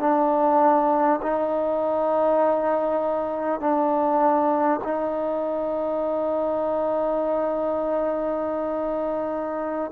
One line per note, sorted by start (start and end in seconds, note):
0.00 1.20 D4
1.23 3.61 D#4
3.61 4.81 D4
4.84 9.92 D#4